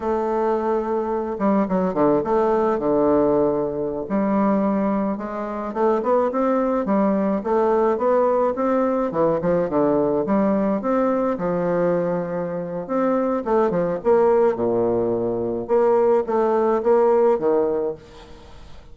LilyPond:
\new Staff \with { instrumentName = "bassoon" } { \time 4/4 \tempo 4 = 107 a2~ a8 g8 fis8 d8 | a4 d2~ d16 g8.~ | g4~ g16 gis4 a8 b8 c'8.~ | c'16 g4 a4 b4 c'8.~ |
c'16 e8 f8 d4 g4 c'8.~ | c'16 f2~ f8. c'4 | a8 f8 ais4 ais,2 | ais4 a4 ais4 dis4 | }